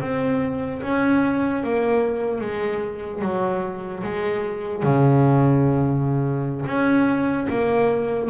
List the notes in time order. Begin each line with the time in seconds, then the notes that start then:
0.00 C4
0.82 C#4
1.63 A#3
2.41 G#3
3.21 F#3
4.03 G#3
4.83 C#3
6.65 C#4
7.49 A#3